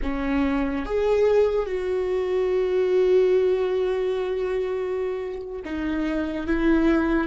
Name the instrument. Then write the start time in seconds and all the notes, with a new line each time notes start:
viola
0.02 C#4
0.85 G#4
1.66 F#4
5.64 D#4
6.46 E4